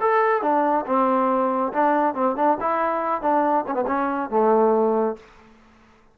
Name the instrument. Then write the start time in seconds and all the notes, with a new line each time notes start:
trombone
0.00 A4
0.42 D4
0.86 C4
1.73 D4
2.14 C4
2.36 D4
2.60 E4
3.21 D4
3.67 C#4
3.74 B3
3.87 C#4
4.30 A3